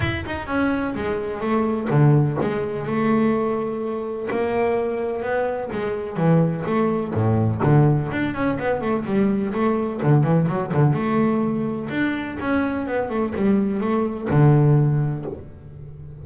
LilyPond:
\new Staff \with { instrumentName = "double bass" } { \time 4/4 \tempo 4 = 126 e'8 dis'8 cis'4 gis4 a4 | d4 gis4 a2~ | a4 ais2 b4 | gis4 e4 a4 a,4 |
d4 d'8 cis'8 b8 a8 g4 | a4 d8 e8 fis8 d8 a4~ | a4 d'4 cis'4 b8 a8 | g4 a4 d2 | }